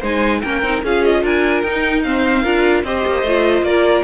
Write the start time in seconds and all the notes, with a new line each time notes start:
0.00 G#3 D#4 C5 G#5
0.41 A#3 C#4 A#4 G5
0.62 C4 D#4
0.83 C#4 F4 G#4 F5
1.04 D#5
1.23 D4 A#4 G#5
1.62 D#4 G5
2.03 C4 C5 F5
2.43 D4 F4 A#4
2.84 C4 G4 C5 D#5
3.06 A#3
3.22 A3 F4
3.62 A#3 A#4 D5